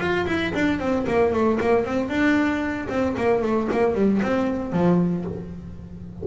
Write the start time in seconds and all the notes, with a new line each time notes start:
0.00 F4
0.27 E4
0.55 D4
0.79 C4
1.07 A#3
1.33 A3
1.61 A#3
1.85 C4
2.09 D4
2.89 C4
3.17 A#3
3.42 A3
3.72 A#3
3.94 G3
4.23 C4
4.72 F3